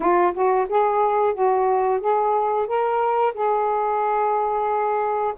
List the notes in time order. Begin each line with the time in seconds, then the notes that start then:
0.00 F4
0.34 F#4
0.68 G#4
1.34 F#4
2.00 G#4
2.67 A#4
3.34 G#4